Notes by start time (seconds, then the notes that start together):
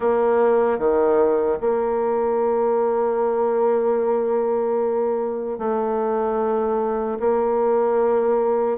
0.00 A#3
0.78 D#3
1.60 A#3
5.58 A3
7.19 A#3